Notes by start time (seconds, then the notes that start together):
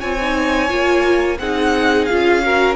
0.00 C4 F4 C#5 G#5
0.22 D#4
0.69 A#3 F4
1.39 C4 D#4 G#4 F#5
2.06 F4 F5
2.12 C#4
2.43 F#4 A#4